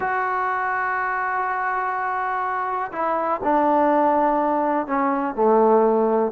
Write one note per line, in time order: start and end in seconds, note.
0.00 2.91 F#4
2.91 3.40 E4
3.43 4.86 D4
4.86 5.35 C#4
5.35 6.31 A3